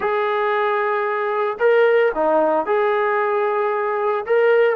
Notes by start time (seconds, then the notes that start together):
0.00 G#4
1.59 A#4
2.14 D#4
2.65 G#4
4.26 A#4